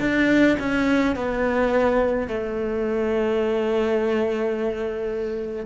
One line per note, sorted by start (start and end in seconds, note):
0.00 0.57 D4
0.59 1.15 C#4
1.15 2.27 B3
2.27 5.66 A3